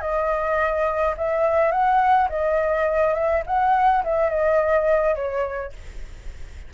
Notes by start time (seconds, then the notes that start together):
0.00 D#5
1.17 E5
1.71 F#5
2.29 D#5
3.14 E5
3.46 F#5
4.04 E5
4.30 D#5
5.15 C#5